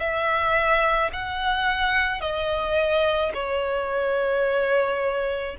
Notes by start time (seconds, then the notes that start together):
0.00 E5
1.13 F#5
2.21 D#5
3.34 C#5